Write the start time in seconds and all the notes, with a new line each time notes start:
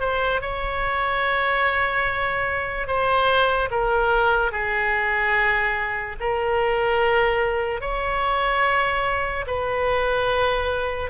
0.00 C5
0.41 C#5
2.87 C5
3.71 A#4
4.51 G#4
6.19 A#4
7.81 C#5
9.46 B4